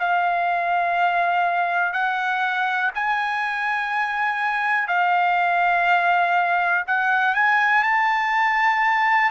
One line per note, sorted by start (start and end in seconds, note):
0.00 1.93 F5
1.93 2.92 F#5
2.95 4.88 G#5
4.88 6.85 F5
6.88 7.35 F#5
7.35 7.84 G#5
7.84 9.31 A5